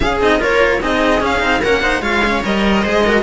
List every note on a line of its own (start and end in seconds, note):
0.00 0.20 C#4
0.00 0.22 C#4
0.00 0.39 G#4
0.00 0.19 F5
0.20 0.40 C4
0.20 0.39 D#4
0.20 0.42 D#5
0.39 0.82 A#3
0.39 0.80 F4
0.39 0.80 A#4
0.39 0.82 C#5
0.80 1.22 C4
0.80 1.20 D#4
0.80 1.60 G#4
0.80 1.24 D#5
1.20 1.39 C#4
1.20 1.42 C#4
1.20 1.62 F5
1.39 1.62 C4
1.39 1.60 D#4
1.60 2.01 A#3
1.60 1.83 C#4
1.60 1.80 A#4
1.60 2.02 F#5
1.82 2.02 D#4
1.82 2.02 C5
2.01 2.41 G#3
2.01 2.22 F4
2.01 2.83 C#5
2.01 2.42 F5
2.25 2.43 C#4
2.43 2.85 G3
2.43 2.84 A#4
2.43 3.22 D#5
2.83 3.22 G#3
2.83 3.04 G#4
2.83 3.03 C5
3.05 3.22 F#4
3.05 3.22 A#4